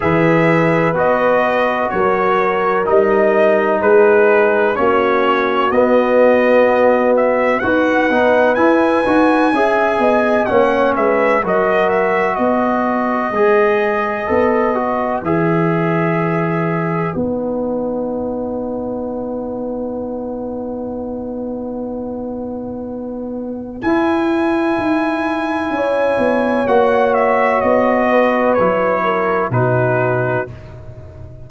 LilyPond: <<
  \new Staff \with { instrumentName = "trumpet" } { \time 4/4 \tempo 4 = 63 e''4 dis''4 cis''4 dis''4 | b'4 cis''4 dis''4. e''8 | fis''4 gis''2 fis''8 e''8 | dis''8 e''8 dis''2. |
e''2 fis''2~ | fis''1~ | fis''4 gis''2. | fis''8 e''8 dis''4 cis''4 b'4 | }
  \new Staff \with { instrumentName = "horn" } { \time 4/4 b'2 ais'2 | gis'4 fis'2. | b'2 e''8 dis''8 cis''8 b'8 | ais'4 b'2.~ |
b'1~ | b'1~ | b'2. cis''4~ | cis''4. b'4 ais'8 fis'4 | }
  \new Staff \with { instrumentName = "trombone" } { \time 4/4 gis'4 fis'2 dis'4~ | dis'4 cis'4 b2 | fis'8 dis'8 e'8 fis'8 gis'4 cis'4 | fis'2 gis'4 a'8 fis'8 |
gis'2 dis'2~ | dis'1~ | dis'4 e'2. | fis'2 e'4 dis'4 | }
  \new Staff \with { instrumentName = "tuba" } { \time 4/4 e4 b4 fis4 g4 | gis4 ais4 b2 | dis'8 b8 e'8 dis'8 cis'8 b8 ais8 gis8 | fis4 b4 gis4 b4 |
e2 b2~ | b1~ | b4 e'4 dis'4 cis'8 b8 | ais4 b4 fis4 b,4 | }
>>